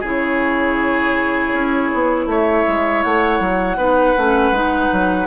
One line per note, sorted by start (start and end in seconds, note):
0.00 1.52 C#3
0.00 3.79 E4
0.00 2.25 G#4
0.00 2.29 C#5
1.53 1.91 C#4
1.94 2.26 B3
2.26 2.64 A3
2.26 3.78 C#5
2.26 3.03 E5
2.68 3.05 G#3
3.03 3.40 A3
3.03 5.28 F#5
3.40 3.77 F#3
3.77 4.15 B3
3.77 4.17 D#4
3.77 5.28 B4
4.18 4.52 A3
4.18 4.55 C#4
4.52 4.89 G#3
4.52 5.28 D#4
4.93 5.28 F#3